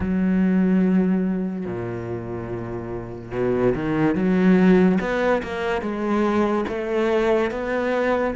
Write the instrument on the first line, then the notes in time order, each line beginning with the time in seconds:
cello
0.00 F#3
1.65 A#2
3.31 B2
3.74 D#3
4.15 F#3
5.00 B3
5.42 A#3
5.81 G#3
6.68 A3
7.50 B3